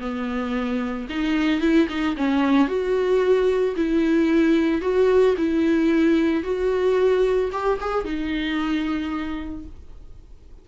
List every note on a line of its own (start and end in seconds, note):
0.00 1.07 B3
1.09 1.61 D#4
1.61 1.88 E4
1.89 2.16 D#4
2.16 2.68 C#4
2.68 3.75 F#4
3.76 4.81 E4
4.81 5.35 F#4
5.37 6.43 E4
6.43 7.50 F#4
7.52 7.79 G4
7.80 8.05 G#4
8.05 9.65 D#4